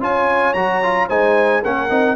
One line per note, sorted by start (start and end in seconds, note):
0.00 0.55 C#4
0.00 0.55 F4
0.00 1.08 C#5
0.00 0.54 G#5
0.54 1.09 F#3
0.54 0.83 F#4
0.54 1.08 A#5
0.83 1.09 F4
1.08 1.63 G#3
1.08 1.63 D#4
1.08 1.62 C5
1.08 1.63 G#5
1.62 1.91 A#3
1.62 1.89 C#4
1.62 2.16 A#4
1.62 2.16 F#5
1.89 2.16 C4
1.89 2.16 D#4